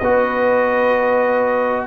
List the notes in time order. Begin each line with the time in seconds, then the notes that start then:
0.00 B3 F#4 B4 D#5